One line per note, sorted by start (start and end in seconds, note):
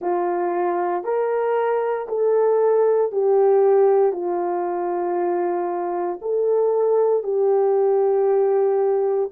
0.00 1.03 F4
1.03 2.07 A#4
2.08 3.11 A4
3.11 4.12 G4
4.12 6.19 F4
6.21 7.23 A4
7.23 9.30 G4